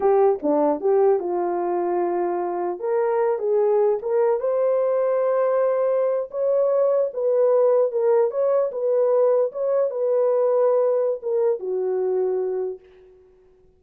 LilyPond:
\new Staff \with { instrumentName = "horn" } { \time 4/4 \tempo 4 = 150 g'4 d'4 g'4 f'4~ | f'2. ais'4~ | ais'8 gis'4. ais'4 c''4~ | c''2.~ c''8. cis''16~ |
cis''4.~ cis''16 b'2 ais'16~ | ais'8. cis''4 b'2 cis''16~ | cis''8. b'2.~ b'16 | ais'4 fis'2. | }